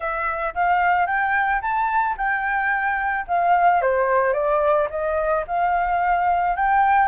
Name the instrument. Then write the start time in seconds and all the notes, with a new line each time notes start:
flute
0.00 E5
0.54 F5
1.06 G5
1.61 A5
2.17 G5
3.27 F5
3.81 C5
4.33 D5
4.90 D#5
5.47 F5
6.56 G5